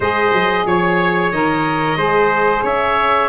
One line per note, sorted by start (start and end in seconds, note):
0.00 0.32 G#3
0.00 1.33 G#4
0.00 0.66 C5
0.00 0.66 D#5
0.32 0.65 F#3
0.66 1.31 F3
0.66 1.31 C#5
0.66 1.97 C#5
1.31 1.96 D#3
1.31 1.97 A#4
1.31 2.63 D#5
1.96 2.62 G#3
1.96 3.29 G#4
1.96 2.63 C5
2.63 3.29 C#4
2.63 3.29 C#5
2.63 3.29 E5